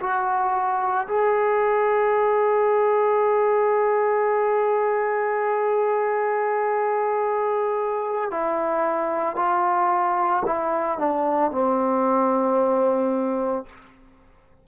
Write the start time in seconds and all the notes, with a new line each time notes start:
0.00 F#4
1.08 G#4
8.31 E4
9.36 F4
10.46 E4
10.99 D4
11.52 C4